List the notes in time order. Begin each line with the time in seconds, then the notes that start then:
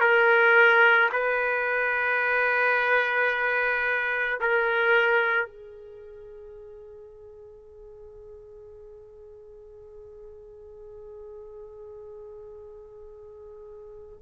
0.00 A#4
1.12 B4
4.40 A#4
5.46 G#4